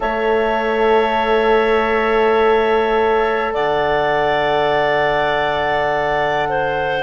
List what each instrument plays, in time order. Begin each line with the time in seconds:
0.00 bassoon A3, horn A4, clarinet C#5, flute E5
3.53 bassoon D3, clarinet D5, flute F#5
6.48 clarinet C5